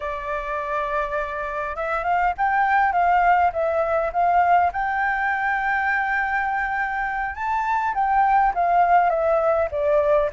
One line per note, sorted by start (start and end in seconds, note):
0.00 1.75 D5
1.75 2.04 E5
2.04 2.33 F5
2.37 2.92 G5
2.92 3.51 F5
3.53 4.11 E5
4.12 4.71 F5
4.72 7.35 G5
7.35 7.94 A5
7.94 8.53 G5
8.54 9.09 F5
9.09 9.68 E5
9.71 10.29 D5